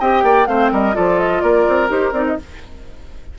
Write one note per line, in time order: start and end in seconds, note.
0.00 0.24 C4
0.00 0.47 G4
0.00 0.24 D#5
0.00 0.47 G5
0.24 0.47 A#3
0.24 0.48 D5
0.47 0.71 A3
0.47 0.93 C4
0.47 0.72 C5
0.47 0.70 F5
0.72 0.96 G3
0.72 0.95 A#4
0.72 0.95 D#5
0.93 1.42 F3
0.93 1.89 F4
0.93 1.43 A4
0.93 1.19 D5
1.19 1.41 D#5
1.41 1.66 A#3
1.41 2.38 A#4
1.41 1.89 D5
1.69 1.90 C4
1.89 2.12 D#4
1.89 2.12 G4
1.89 2.13 C5
2.12 2.36 C4
2.12 2.38 D#4
2.12 2.25 D5
2.27 2.39 D#5